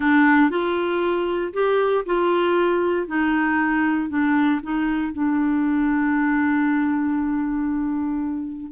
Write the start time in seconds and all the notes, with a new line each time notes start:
0.00 D4
0.50 F4
1.53 G4
2.05 F4
3.07 D#4
4.09 D4
4.62 D#4
5.13 D4